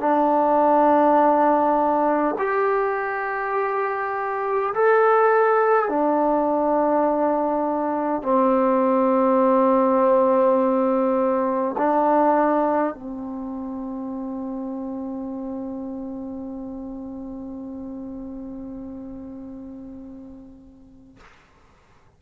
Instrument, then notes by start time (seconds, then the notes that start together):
trombone
0.00 D4
2.39 G4
4.74 A4
5.89 D4
8.22 C4
11.78 D4
12.94 C4